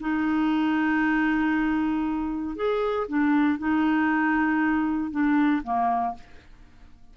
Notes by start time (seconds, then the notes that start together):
0.00 D#4
2.55 G#4
3.08 D4
3.59 D#4
5.11 D4
5.63 A#3